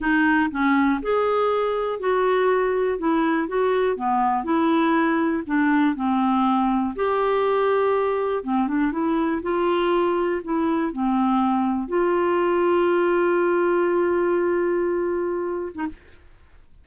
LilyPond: \new Staff \with { instrumentName = "clarinet" } { \time 4/4 \tempo 4 = 121 dis'4 cis'4 gis'2 | fis'2 e'4 fis'4 | b4 e'2 d'4 | c'2 g'2~ |
g'4 c'8 d'8 e'4 f'4~ | f'4 e'4 c'2 | f'1~ | f'2.~ f'8. dis'16 | }